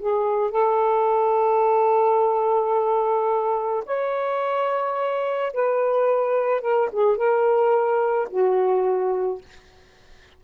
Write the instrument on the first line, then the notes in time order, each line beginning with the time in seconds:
saxophone
0.00 G#4
0.51 A4
3.86 C#5
5.54 B4
6.62 A#4
6.93 G#4
7.17 A#4
8.31 F#4